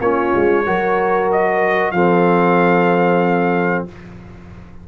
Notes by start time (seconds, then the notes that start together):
0.00 A#3 C#4 F4 C#5
0.35 G#3
0.65 F#3 F#4 A#4
1.32 D#5
1.91 F3 C4 A4 F5